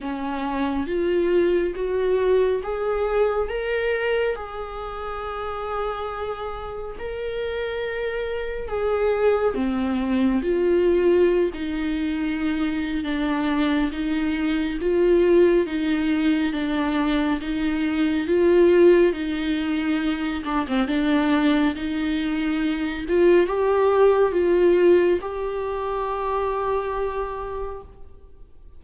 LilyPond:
\new Staff \with { instrumentName = "viola" } { \time 4/4 \tempo 4 = 69 cis'4 f'4 fis'4 gis'4 | ais'4 gis'2. | ais'2 gis'4 c'4 | f'4~ f'16 dis'4.~ dis'16 d'4 |
dis'4 f'4 dis'4 d'4 | dis'4 f'4 dis'4. d'16 c'16 | d'4 dis'4. f'8 g'4 | f'4 g'2. | }